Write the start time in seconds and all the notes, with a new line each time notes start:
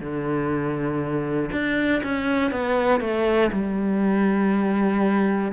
0.00 D3
1.52 D4
2.03 C#4
2.51 B3
3.00 A3
3.52 G3